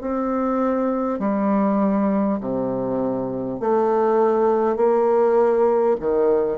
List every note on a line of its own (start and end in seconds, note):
0.00 1.19 C4
1.19 2.39 G3
2.40 3.59 C3
3.59 4.76 A3
4.76 5.96 A#3
5.99 6.57 D#3